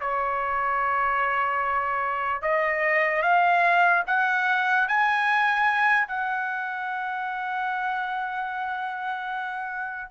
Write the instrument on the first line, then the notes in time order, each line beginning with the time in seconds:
trumpet
0.00 C#5
2.42 D#5
3.22 F5
4.07 F#5
4.88 G#5
6.08 F#5